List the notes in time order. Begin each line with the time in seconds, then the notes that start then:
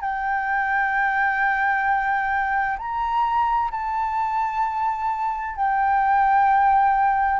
0.00 G5
2.78 A#5
3.71 A5
5.56 G5